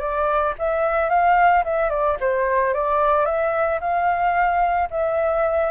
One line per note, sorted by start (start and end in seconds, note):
0.00 0.54 D5
0.59 1.10 E5
1.10 1.64 F5
1.65 1.90 E5
1.90 2.17 D5
2.21 2.74 C5
2.74 3.26 D5
3.26 3.80 E5
3.81 4.89 F5
4.91 5.71 E5